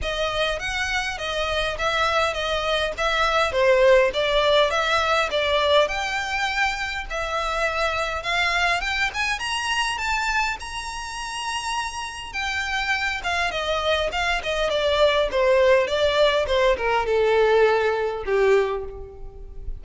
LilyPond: \new Staff \with { instrumentName = "violin" } { \time 4/4 \tempo 4 = 102 dis''4 fis''4 dis''4 e''4 | dis''4 e''4 c''4 d''4 | e''4 d''4 g''2 | e''2 f''4 g''8 gis''8 |
ais''4 a''4 ais''2~ | ais''4 g''4. f''8 dis''4 | f''8 dis''8 d''4 c''4 d''4 | c''8 ais'8 a'2 g'4 | }